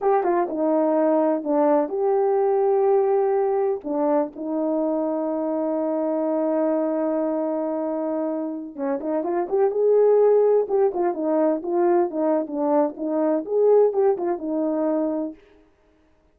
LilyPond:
\new Staff \with { instrumentName = "horn" } { \time 4/4 \tempo 4 = 125 g'8 f'8 dis'2 d'4 | g'1 | d'4 dis'2.~ | dis'1~ |
dis'2~ dis'16 cis'8 dis'8 f'8 g'16~ | g'16 gis'2 g'8 f'8 dis'8.~ | dis'16 f'4 dis'8. d'4 dis'4 | gis'4 g'8 f'8 dis'2 | }